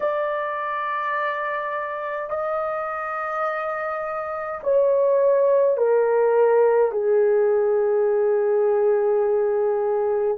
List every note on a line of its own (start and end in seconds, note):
0.00 2.30 D5
2.30 4.60 D#5
4.63 5.77 C#5
5.77 6.91 A#4
6.91 10.37 G#4